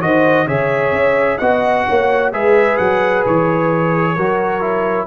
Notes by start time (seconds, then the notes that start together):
0.00 D#3 F#4 C5 D#5
0.46 C#3 G#4 C#5 E5
0.92 C#4
1.38 B3 F#4 D#5 F#5
1.87 A#3 C#5
2.32 G#3 G#4 B4 E5
2.77 F#3 F#5
3.26 E3 C#5
4.15 F#3 F#4 A#4
4.61 E4